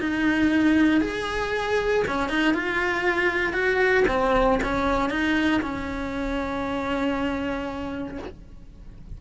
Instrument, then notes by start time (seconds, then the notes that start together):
cello
0.00 D#4
1.01 G#4
2.08 C#4
2.29 D#4
2.54 F4
3.53 F#4
4.08 C4
4.63 C#4
5.10 D#4
5.62 C#4